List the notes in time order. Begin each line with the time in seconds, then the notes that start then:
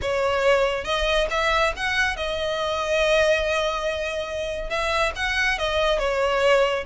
0.01 C#5
0.84 D#5
1.30 E5
1.76 F#5
2.16 D#5
4.69 E5
5.15 F#5
5.58 D#5
5.98 C#5